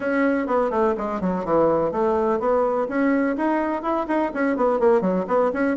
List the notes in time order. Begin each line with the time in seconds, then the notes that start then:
0.00 C#4
0.46 B3
0.70 A3
0.97 G#3
1.20 F#3
1.44 E3
1.91 A3
2.39 B3
2.88 C#4
3.36 D#4
3.82 E4
4.07 D#4
4.34 C#4
4.56 B3
4.79 A#3
5.01 F#3
5.27 B3
5.53 C#4